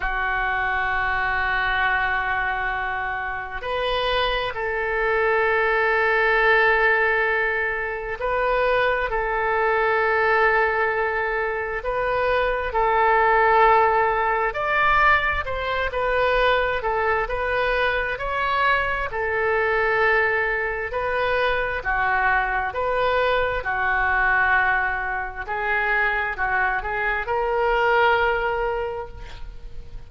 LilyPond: \new Staff \with { instrumentName = "oboe" } { \time 4/4 \tempo 4 = 66 fis'1 | b'4 a'2.~ | a'4 b'4 a'2~ | a'4 b'4 a'2 |
d''4 c''8 b'4 a'8 b'4 | cis''4 a'2 b'4 | fis'4 b'4 fis'2 | gis'4 fis'8 gis'8 ais'2 | }